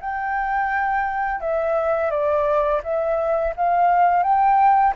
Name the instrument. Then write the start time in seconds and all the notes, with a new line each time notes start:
flute
0.00 G5
1.41 E5
2.11 D5
2.84 E5
3.56 F5
4.23 G5